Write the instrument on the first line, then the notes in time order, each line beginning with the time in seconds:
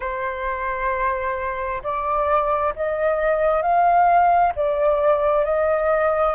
flute
0.00 C5
1.83 D5
2.75 D#5
3.62 F5
4.55 D5
5.45 D#5